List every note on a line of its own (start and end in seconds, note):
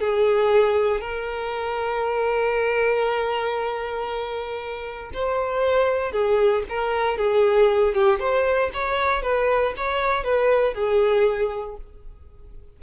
0.00 1.01 G#4
1.01 5.11 A#4
5.14 6.12 C5
6.12 6.63 G#4
6.69 7.18 A#4
7.18 7.95 G#4
7.95 8.20 G4
8.20 8.71 C5
8.73 9.23 C#5
9.23 9.74 B4
9.77 10.24 C#5
10.24 10.74 B4
10.74 11.77 G#4